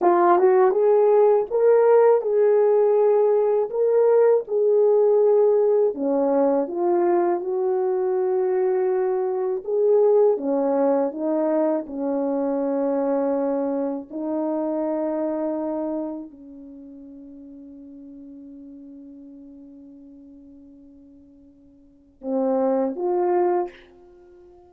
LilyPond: \new Staff \with { instrumentName = "horn" } { \time 4/4 \tempo 4 = 81 f'8 fis'8 gis'4 ais'4 gis'4~ | gis'4 ais'4 gis'2 | cis'4 f'4 fis'2~ | fis'4 gis'4 cis'4 dis'4 |
cis'2. dis'4~ | dis'2 cis'2~ | cis'1~ | cis'2 c'4 f'4 | }